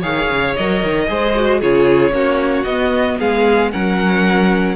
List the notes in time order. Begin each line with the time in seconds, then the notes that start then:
0.00 D#3 G#4 C#5 F5
0.29 C#3
0.55 F#3 A#4 D#5
0.83 D#3
1.07 G#3 G#4 C5
1.35 F#4
1.59 C#3 F4 G#4 C#5
2.11 A#3 C#4 F#4
2.64 B3 D#5
3.18 G#3 G#4 F5
3.71 F#3 C#4 A#4 F#5